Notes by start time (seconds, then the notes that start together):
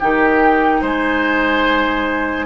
0.00 D#3 D#4 G4 G5
0.82 G#3 C5 G#5